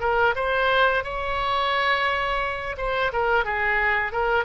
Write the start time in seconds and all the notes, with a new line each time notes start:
0.00 A#4
0.35 C5
1.04 C#5
2.77 C5
3.12 A#4
3.44 G#4
4.12 A#4